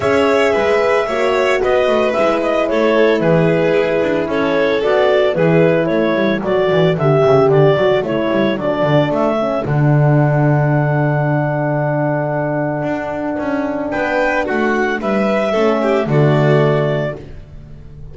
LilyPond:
<<
  \new Staff \with { instrumentName = "clarinet" } { \time 4/4 \tempo 4 = 112 e''2. dis''4 | e''8 dis''8 cis''4 b'2 | cis''4 d''4 b'4 cis''4 | d''4 e''4 d''4 cis''4 |
d''4 e''4 fis''2~ | fis''1~ | fis''2 g''4 fis''4 | e''2 d''2 | }
  \new Staff \with { instrumentName = "violin" } { \time 4/4 cis''4 b'4 cis''4 b'4~ | b'4 a'4 gis'2 | a'2 gis'4 a'4~ | a'1~ |
a'1~ | a'1~ | a'2 b'4 fis'4 | b'4 a'8 g'8 fis'2 | }
  \new Staff \with { instrumentName = "horn" } { \time 4/4 gis'2 fis'2 | e'1~ | e'4 fis'4 e'2 | fis'4 g'4. fis'8 e'4 |
d'4. cis'8 d'2~ | d'1~ | d'1~ | d'4 cis'4 a2 | }
  \new Staff \with { instrumentName = "double bass" } { \time 4/4 cis'4 gis4 ais4 b8 a8 | gis4 a4 e4 e'8 d'8 | cis'4 b4 e4 a8 g8 | fis8 e8 d8 cis8 d8 fis8 a8 g8 |
fis8 d8 a4 d2~ | d1 | d'4 cis'4 b4 a4 | g4 a4 d2 | }
>>